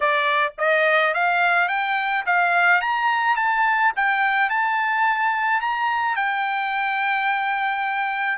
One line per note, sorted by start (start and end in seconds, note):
0.00 0.53 D5
0.58 1.14 D#5
1.14 1.68 F5
1.68 2.24 G5
2.26 2.81 F5
2.81 3.36 A#5
3.36 3.92 A5
3.95 4.49 G5
4.49 5.60 A5
5.60 6.16 A#5
6.16 8.38 G5